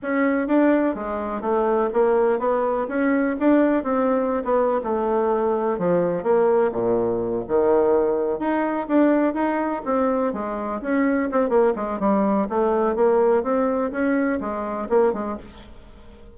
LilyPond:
\new Staff \with { instrumentName = "bassoon" } { \time 4/4 \tempo 4 = 125 cis'4 d'4 gis4 a4 | ais4 b4 cis'4 d'4 | c'4~ c'16 b8. a2 | f4 ais4 ais,4. dis8~ |
dis4. dis'4 d'4 dis'8~ | dis'8 c'4 gis4 cis'4 c'8 | ais8 gis8 g4 a4 ais4 | c'4 cis'4 gis4 ais8 gis8 | }